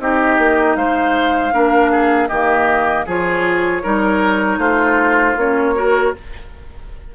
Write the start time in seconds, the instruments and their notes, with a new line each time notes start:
0.00 bassoon C4, clarinet D#4, oboe G4, flute D#5
0.38 bassoon A#3
0.76 bassoon G#3, oboe C5, flute F5
1.52 bassoon A#3, clarinet D4, oboe A#4
1.92 oboe G#4
2.28 bassoon D#3, clarinet A#3, oboe G4, flute D#5
3.06 bassoon F3, clarinet F4, oboe G#4, flute C#5
3.83 bassoon G3, clarinet D#4, oboe A#4
4.58 bassoon A3, oboe F4, flute C5
5.37 bassoon A#3, clarinet C#4, flute C#5
5.75 clarinet F#4, oboe A#4